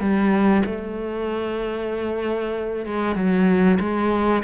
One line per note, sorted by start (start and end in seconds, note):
0.00 0.63 G3
0.65 2.86 A3
2.86 3.16 G#3
3.16 3.79 F#3
3.80 4.43 G#3